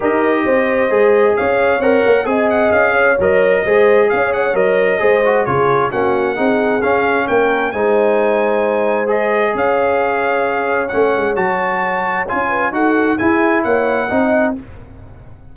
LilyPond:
<<
  \new Staff \with { instrumentName = "trumpet" } { \time 4/4 \tempo 4 = 132 dis''2. f''4 | fis''4 gis''8 fis''8 f''4 dis''4~ | dis''4 f''8 fis''8 dis''2 | cis''4 fis''2 f''4 |
g''4 gis''2. | dis''4 f''2. | fis''4 a''2 gis''4 | fis''4 gis''4 fis''2 | }
  \new Staff \with { instrumentName = "horn" } { \time 4/4 ais'4 c''2 cis''4~ | cis''4 dis''4. cis''4. | c''4 cis''2 c''4 | gis'4 fis'4 gis'2 |
ais'4 c''2.~ | c''4 cis''2.~ | cis''2.~ cis''8 b'8 | a'4 gis'4 cis''4 dis''4 | }
  \new Staff \with { instrumentName = "trombone" } { \time 4/4 g'2 gis'2 | ais'4 gis'2 ais'4 | gis'2 ais'4 gis'8 fis'8 | f'4 cis'4 dis'4 cis'4~ |
cis'4 dis'2. | gis'1 | cis'4 fis'2 f'4 | fis'4 e'2 dis'4 | }
  \new Staff \with { instrumentName = "tuba" } { \time 4/4 dis'4 c'4 gis4 cis'4 | c'8 ais8 c'4 cis'4 fis4 | gis4 cis'4 fis4 gis4 | cis4 ais4 c'4 cis'4 |
ais4 gis2.~ | gis4 cis'2. | a8 gis8 fis2 cis'4 | dis'4 e'4 ais4 c'4 | }
>>